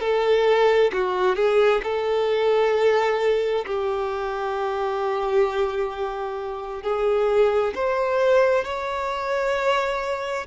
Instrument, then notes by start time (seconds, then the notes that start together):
violin
0.00 A4
0.93 F#4
1.36 G#4
1.83 A4
3.66 G4
6.83 G#4
7.74 C5
8.64 C#5